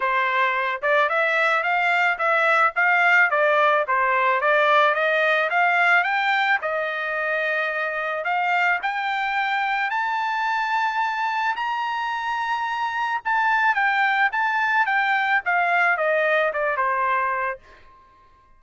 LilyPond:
\new Staff \with { instrumentName = "trumpet" } { \time 4/4 \tempo 4 = 109 c''4. d''8 e''4 f''4 | e''4 f''4 d''4 c''4 | d''4 dis''4 f''4 g''4 | dis''2. f''4 |
g''2 a''2~ | a''4 ais''2. | a''4 g''4 a''4 g''4 | f''4 dis''4 d''8 c''4. | }